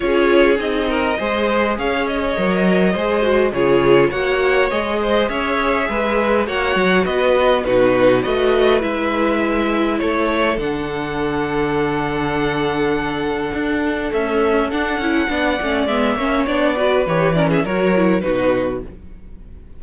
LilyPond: <<
  \new Staff \with { instrumentName = "violin" } { \time 4/4 \tempo 4 = 102 cis''4 dis''2 f''8 dis''8~ | dis''2 cis''4 fis''4 | dis''4 e''2 fis''4 | dis''4 b'4 dis''4 e''4~ |
e''4 cis''4 fis''2~ | fis''1 | e''4 fis''2 e''4 | d''4 cis''8 d''16 e''16 cis''4 b'4 | }
  \new Staff \with { instrumentName = "violin" } { \time 4/4 gis'4. ais'8 c''4 cis''4~ | cis''4 c''4 gis'4 cis''4~ | cis''8 c''8 cis''4 b'4 cis''4 | b'4 fis'4 b'2~ |
b'4 a'2.~ | a'1~ | a'2 d''4. cis''8~ | cis''8 b'4 ais'16 gis'16 ais'4 fis'4 | }
  \new Staff \with { instrumentName = "viola" } { \time 4/4 f'4 dis'4 gis'2 | ais'4 gis'8 fis'8 f'4 fis'4 | gis'2. fis'4~ | fis'4 dis'4 fis'4 e'4~ |
e'2 d'2~ | d'1 | a4 d'8 e'8 d'8 cis'8 b8 cis'8 | d'8 fis'8 g'8 cis'8 fis'8 e'8 dis'4 | }
  \new Staff \with { instrumentName = "cello" } { \time 4/4 cis'4 c'4 gis4 cis'4 | fis4 gis4 cis4 ais4 | gis4 cis'4 gis4 ais8 fis8 | b4 b,4 a4 gis4~ |
gis4 a4 d2~ | d2. d'4 | cis'4 d'8 cis'8 b8 a8 gis8 ais8 | b4 e4 fis4 b,4 | }
>>